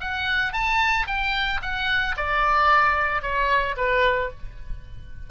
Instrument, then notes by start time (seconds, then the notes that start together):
oboe
0.00 F#5
0.53 A5
1.07 G5
1.62 F#5
2.16 D5
3.22 C#5
3.76 B4